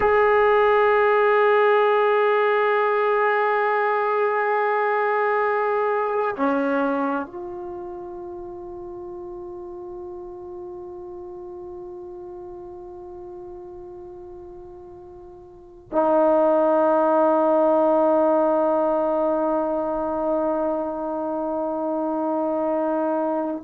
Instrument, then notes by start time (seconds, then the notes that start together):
trombone
0.00 G#4
6.36 C#4
7.26 F4
15.91 D#4